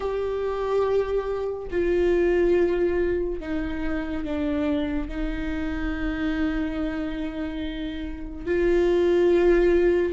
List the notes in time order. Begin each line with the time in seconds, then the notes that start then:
0.00 G4
1.71 F4
3.40 D#4
4.24 D4
5.08 D#4
8.45 F4